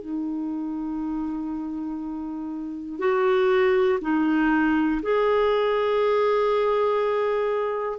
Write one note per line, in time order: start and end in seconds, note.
0.00 2.99 D#4
2.99 3.99 F#4
4.00 5.00 D#4
5.02 7.98 G#4